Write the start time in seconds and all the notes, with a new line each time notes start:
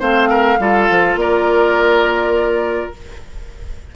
0.00 A3 C4 C5 F5
0.30 A#4
0.59 G3 F4 A4
0.90 F3
1.16 A#3 A#4 D5